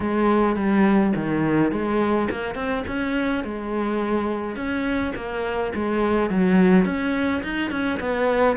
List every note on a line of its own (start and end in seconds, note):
0.00 0.56 G#3
0.56 1.13 G3
1.15 1.71 D#3
1.71 2.28 G#3
2.30 2.55 A#3
2.55 2.83 C4
2.87 3.44 C#4
3.44 4.56 G#3
4.56 5.13 C#4
5.15 5.72 A#3
5.75 6.30 G#3
6.30 6.85 F#3
6.85 7.42 C#4
7.43 7.70 D#4
7.70 7.99 C#4
7.99 8.56 B3